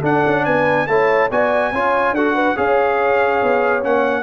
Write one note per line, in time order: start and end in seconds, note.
0.00 0.24 D4
0.00 0.87 D4
0.00 0.42 A4
0.00 0.45 F#5
0.26 0.46 C#4
0.45 0.87 B3
0.45 0.87 B4
0.45 0.86 G#5
0.86 1.29 A3
0.86 1.30 E4
0.86 1.30 C#5
0.86 1.29 A5
1.30 1.71 B3
1.30 1.73 F#4
1.30 1.72 D5
1.30 2.15 G#5
1.71 2.11 C#4
1.71 2.16 F4
1.71 2.14 C#5
2.11 2.54 D4
2.11 2.56 F#4
2.11 2.34 A4
2.11 2.57 F#5
2.34 2.55 B4
2.56 3.41 C#4
2.56 3.82 G#4
2.56 4.23 C#5
2.56 3.83 F5
3.42 3.84 B3
3.82 4.23 A#3
3.82 4.23 C#4
3.82 4.23 F#5